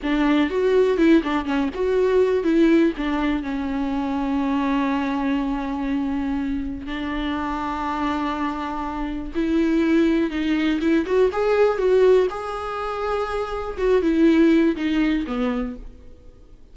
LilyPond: \new Staff \with { instrumentName = "viola" } { \time 4/4 \tempo 4 = 122 d'4 fis'4 e'8 d'8 cis'8 fis'8~ | fis'4 e'4 d'4 cis'4~ | cis'1~ | cis'2 d'2~ |
d'2. e'4~ | e'4 dis'4 e'8 fis'8 gis'4 | fis'4 gis'2. | fis'8 e'4. dis'4 b4 | }